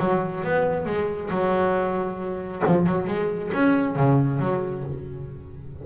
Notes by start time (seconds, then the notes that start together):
0.00 F#3
0.44 B3
0.86 G#3
1.31 F#3
2.68 F3
2.87 F#3
3.08 G#3
3.54 C#4
3.96 C#3
4.40 F#3